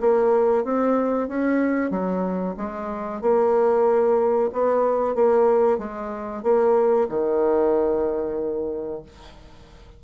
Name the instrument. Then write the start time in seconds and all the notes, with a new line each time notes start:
bassoon
0.00 A#3
0.64 C4
1.28 C#4
1.91 F#3
2.57 G#3
3.21 A#3
4.52 B3
5.15 A#3
5.78 G#3
6.43 A#3
7.09 D#3